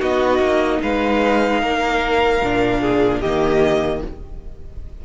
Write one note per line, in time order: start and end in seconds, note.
0.00 0.39 B3
0.00 2.40 D#4
0.00 0.80 F#4
0.00 0.82 D#5
0.39 0.79 A#3
0.82 1.62 G#3
0.82 1.61 B4
0.82 3.21 F5
1.61 2.42 A#3
1.61 2.81 A#4
2.42 3.22 A#2
2.42 3.23 D4
2.81 3.21 G#4
3.21 4.02 D#3
3.21 4.06 A#3
3.21 4.01 G4
3.21 4.01 D#5